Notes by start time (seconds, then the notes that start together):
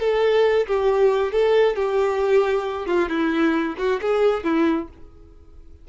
0.00 A4
0.67 G4
1.33 A4
1.76 G4
2.87 F4
3.09 E4
3.78 F#4
4.01 G#4
4.44 E4